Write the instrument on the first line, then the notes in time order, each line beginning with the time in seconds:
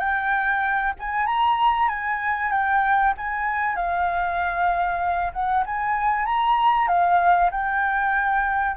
flute
0.00 G5
1.00 G#5
1.26 A#5
1.89 G#5
2.52 G5
3.18 G#5
3.76 F5
5.33 F#5
5.66 G#5
6.26 A#5
6.88 F5
7.51 G5